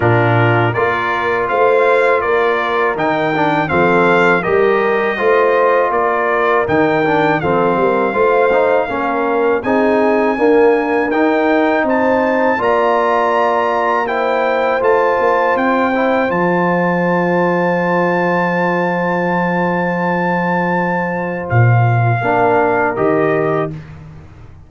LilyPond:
<<
  \new Staff \with { instrumentName = "trumpet" } { \time 4/4 \tempo 4 = 81 ais'4 d''4 f''4 d''4 | g''4 f''4 dis''2 | d''4 g''4 f''2~ | f''4 gis''2 g''4 |
a''4 ais''2 g''4 | a''4 g''4 a''2~ | a''1~ | a''4 f''2 dis''4 | }
  \new Staff \with { instrumentName = "horn" } { \time 4/4 f'4 ais'4 c''4 ais'4~ | ais'4 a'4 ais'4 c''4 | ais'2 a'8 ais'8 c''4 | ais'4 gis'4 ais'2 |
c''4 d''2 c''4~ | c''1~ | c''1~ | c''2 ais'2 | }
  \new Staff \with { instrumentName = "trombone" } { \time 4/4 d'4 f'2. | dis'8 d'8 c'4 g'4 f'4~ | f'4 dis'8 d'8 c'4 f'8 dis'8 | cis'4 dis'4 ais4 dis'4~ |
dis'4 f'2 e'4 | f'4. e'8 f'2~ | f'1~ | f'2 d'4 g'4 | }
  \new Staff \with { instrumentName = "tuba" } { \time 4/4 ais,4 ais4 a4 ais4 | dis4 f4 g4 a4 | ais4 dis4 f8 g8 a4 | ais4 c'4 d'4 dis'4 |
c'4 ais2. | a8 ais8 c'4 f2~ | f1~ | f4 ais,4 ais4 dis4 | }
>>